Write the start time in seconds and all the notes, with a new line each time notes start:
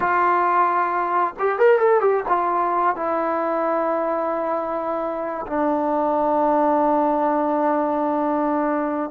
0.00 F4
1.39 G4
1.58 A#4
1.79 A4
2.00 G4
2.28 F4
2.96 E4
5.46 D4